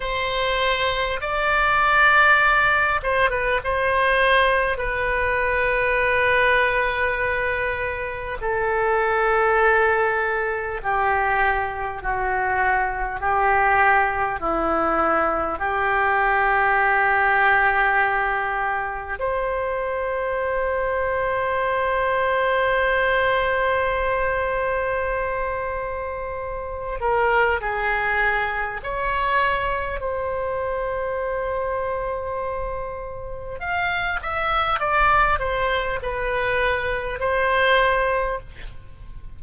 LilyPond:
\new Staff \with { instrumentName = "oboe" } { \time 4/4 \tempo 4 = 50 c''4 d''4. c''16 b'16 c''4 | b'2. a'4~ | a'4 g'4 fis'4 g'4 | e'4 g'2. |
c''1~ | c''2~ c''8 ais'8 gis'4 | cis''4 c''2. | f''8 e''8 d''8 c''8 b'4 c''4 | }